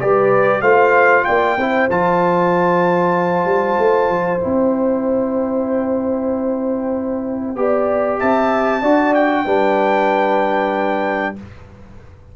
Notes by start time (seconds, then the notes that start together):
0.00 G3 G4 B4 D5
0.61 A3 F4 C5 F5
1.25 A#3 D5 G5
1.57 C4 E4 C5
1.90 F3 F4 A5
3.45 G3
3.78 A3
4.09 F3
4.40 C4 E4 G5
7.56 B3 G4 D5
8.19 C4 E5 A5
8.82 D4 F#4 D5
9.14 G5
9.45 G3 D4 B4